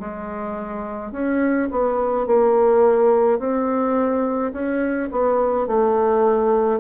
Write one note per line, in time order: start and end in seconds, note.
0.00 1.12 G#3
1.12 1.69 C#4
1.71 2.27 B3
2.27 3.40 A#3
3.40 4.53 C4
4.53 5.09 C#4
5.11 5.68 B3
5.68 6.80 A3